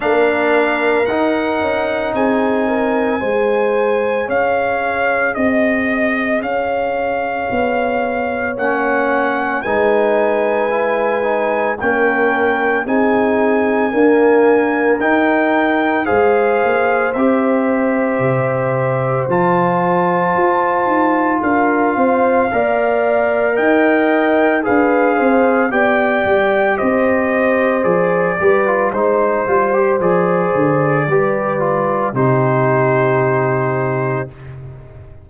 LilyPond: <<
  \new Staff \with { instrumentName = "trumpet" } { \time 4/4 \tempo 4 = 56 f''4 fis''4 gis''2 | f''4 dis''4 f''2 | fis''4 gis''2 g''4 | gis''2 g''4 f''4 |
e''2 a''2 | f''2 g''4 f''4 | g''4 dis''4 d''4 c''4 | d''2 c''2 | }
  \new Staff \with { instrumentName = "horn" } { \time 4/4 ais'2 gis'8 ais'8 c''4 | cis''4 dis''4 cis''2~ | cis''4 b'2 ais'4 | gis'4 ais'2 c''4~ |
c''1 | ais'8 c''8 d''4 dis''4 b'8 c''8 | d''4 c''4. b'8 c''4~ | c''4 b'4 g'2 | }
  \new Staff \with { instrumentName = "trombone" } { \time 4/4 d'4 dis'2 gis'4~ | gis'1 | cis'4 dis'4 e'8 dis'8 cis'4 | dis'4 ais4 dis'4 gis'4 |
g'2 f'2~ | f'4 ais'2 gis'4 | g'2 gis'8 g'16 f'16 dis'8 f'16 g'16 | gis'4 g'8 f'8 dis'2 | }
  \new Staff \with { instrumentName = "tuba" } { \time 4/4 ais4 dis'8 cis'8 c'4 gis4 | cis'4 c'4 cis'4 b4 | ais4 gis2 ais4 | c'4 d'4 dis'4 gis8 ais8 |
c'4 c4 f4 f'8 dis'8 | d'8 c'8 ais4 dis'4 d'8 c'8 | b8 g8 c'4 f8 g8 gis8 g8 | f8 d8 g4 c2 | }
>>